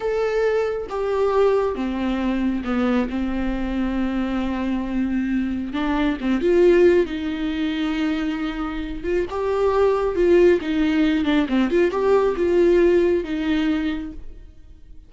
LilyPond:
\new Staff \with { instrumentName = "viola" } { \time 4/4 \tempo 4 = 136 a'2 g'2 | c'2 b4 c'4~ | c'1~ | c'4 d'4 c'8 f'4. |
dis'1~ | dis'8 f'8 g'2 f'4 | dis'4. d'8 c'8 f'8 g'4 | f'2 dis'2 | }